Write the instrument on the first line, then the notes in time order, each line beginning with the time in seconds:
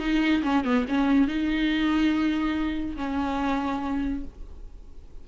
viola
0.00 D#4
0.43 C#4
0.65 B3
0.89 C#4
1.28 D#4
2.97 C#4